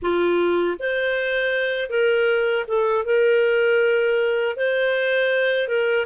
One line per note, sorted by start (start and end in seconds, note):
0.01 0.77 F4
0.79 1.90 C5
1.90 2.65 A#4
2.67 3.04 A4
3.04 4.56 A#4
4.56 5.68 C5
5.68 6.06 A#4